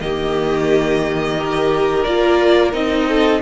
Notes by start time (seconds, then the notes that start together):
0.00 D#3 A#3 G4 D#5
1.37 G4 A#4
2.03 A#3 F4 D5
2.72 C4 D#4 D#5
3.08 A4